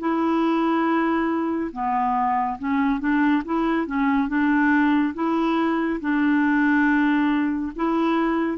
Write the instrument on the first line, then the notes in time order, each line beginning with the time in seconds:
clarinet
0.00 E4
1.73 B3
2.59 C#4
3.00 D4
3.46 E4
3.87 C#4
4.29 D4
5.15 E4
6.01 D4
7.76 E4